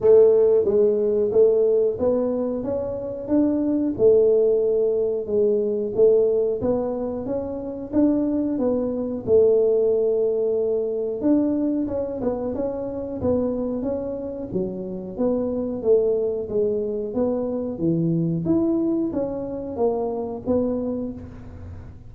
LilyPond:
\new Staff \with { instrumentName = "tuba" } { \time 4/4 \tempo 4 = 91 a4 gis4 a4 b4 | cis'4 d'4 a2 | gis4 a4 b4 cis'4 | d'4 b4 a2~ |
a4 d'4 cis'8 b8 cis'4 | b4 cis'4 fis4 b4 | a4 gis4 b4 e4 | e'4 cis'4 ais4 b4 | }